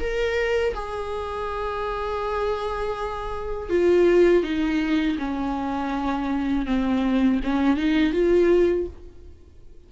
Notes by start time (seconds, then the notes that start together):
0.00 A#4
0.75 G#4
3.70 F4
4.43 D#4
5.19 C#4
6.66 C4
7.44 C#4
7.77 D#4
8.13 F4